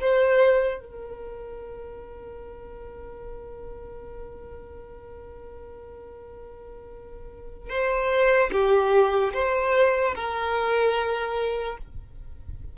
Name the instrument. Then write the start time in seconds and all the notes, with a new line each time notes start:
violin
0.00 C5
0.80 A#4
7.69 C5
8.51 G4
9.33 C5
10.15 A#4